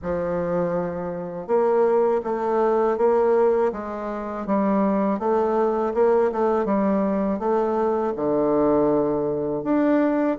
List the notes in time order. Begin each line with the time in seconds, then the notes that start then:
0.02 F3
1.47 A#3
2.24 A3
2.97 A#3
3.72 G#3
4.46 G3
5.19 A3
5.94 A#3
6.32 A3
6.65 G3
7.39 A3
8.15 D3
9.63 D4